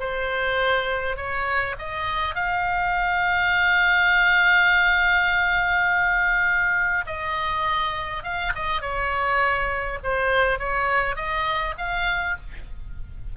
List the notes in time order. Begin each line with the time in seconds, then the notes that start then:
0.00 C5
1.17 C#5
1.79 D#5
2.35 F5
7.06 D#5
8.24 F5
8.55 D#5
8.82 C#5
10.03 C5
10.59 C#5
11.16 D#5
11.78 F5